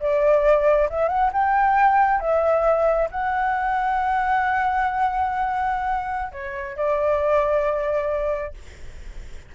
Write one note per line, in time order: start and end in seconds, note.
0.00 0.89 D5
0.89 1.08 E5
1.08 1.31 F#5
1.33 2.20 G5
2.20 3.09 E5
3.11 6.32 F#5
6.32 6.76 C#5
6.76 8.54 D5